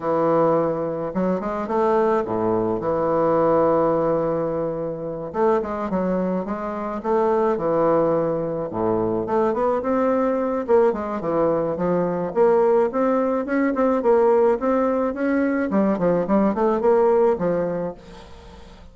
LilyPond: \new Staff \with { instrumentName = "bassoon" } { \time 4/4 \tempo 4 = 107 e2 fis8 gis8 a4 | a,4 e2.~ | e4. a8 gis8 fis4 gis8~ | gis8 a4 e2 a,8~ |
a,8 a8 b8 c'4. ais8 gis8 | e4 f4 ais4 c'4 | cis'8 c'8 ais4 c'4 cis'4 | g8 f8 g8 a8 ais4 f4 | }